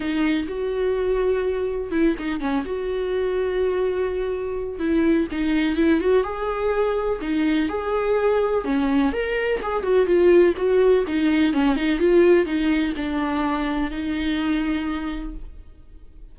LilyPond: \new Staff \with { instrumentName = "viola" } { \time 4/4 \tempo 4 = 125 dis'4 fis'2. | e'8 dis'8 cis'8 fis'2~ fis'8~ | fis'2 e'4 dis'4 | e'8 fis'8 gis'2 dis'4 |
gis'2 cis'4 ais'4 | gis'8 fis'8 f'4 fis'4 dis'4 | cis'8 dis'8 f'4 dis'4 d'4~ | d'4 dis'2. | }